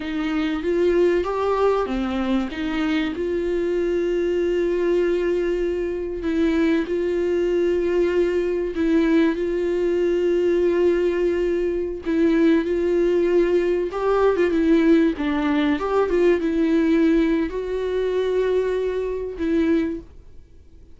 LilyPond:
\new Staff \with { instrumentName = "viola" } { \time 4/4 \tempo 4 = 96 dis'4 f'4 g'4 c'4 | dis'4 f'2.~ | f'2 e'4 f'4~ | f'2 e'4 f'4~ |
f'2.~ f'16 e'8.~ | e'16 f'2 g'8. f'16 e'8.~ | e'16 d'4 g'8 f'8 e'4.~ e'16 | fis'2. e'4 | }